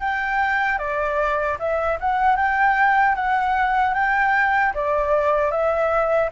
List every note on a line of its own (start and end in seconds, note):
0.00 0.78 G5
0.78 1.57 D5
1.59 1.98 E5
2.00 2.36 F#5
2.36 3.15 G5
3.15 3.94 F#5
3.94 4.73 G5
4.74 5.51 D5
5.51 6.30 E5